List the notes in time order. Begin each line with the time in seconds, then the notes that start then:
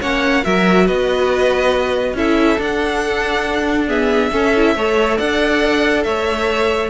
0.00 A#3 C#4 C#5 F#5
0.43 F#3 F#4 A#4 E5
0.85 B3 B4 D#5
2.13 C#4 E4 A4 E5
2.58 D4 F#5
3.87 B3 G#4 E5
4.31 C#4 A4
4.56 E4
4.75 A3 A4 C#5
5.17 D4 D5 F#5
6.03 A3 C#5 E5